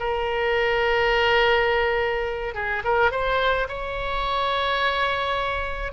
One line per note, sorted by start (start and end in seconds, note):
0.00 2.55 A#4
2.55 2.83 G#4
2.85 3.12 A#4
3.12 3.68 C5
3.69 5.93 C#5